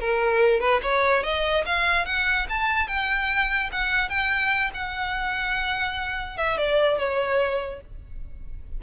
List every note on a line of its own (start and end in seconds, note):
0.00 0.60 A#4
0.60 0.81 B4
0.82 1.23 C#5
1.23 1.64 D#5
1.66 2.06 F5
2.06 2.47 F#5
2.49 2.88 A5
2.88 3.70 G5
3.72 4.09 F#5
4.09 4.71 G5
4.74 6.38 F#5
6.38 6.58 E5
6.58 6.98 D5
6.98 7.81 C#5